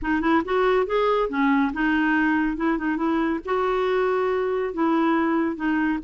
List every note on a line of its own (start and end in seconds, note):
0.02 0.21 D#4
0.21 0.42 E4
0.44 0.86 F#4
0.86 1.29 G#4
1.29 1.72 C#4
1.73 2.56 D#4
2.56 2.78 E4
2.78 2.96 D#4
2.96 3.39 E4
3.45 4.73 F#4
4.73 5.56 E4
5.56 5.99 D#4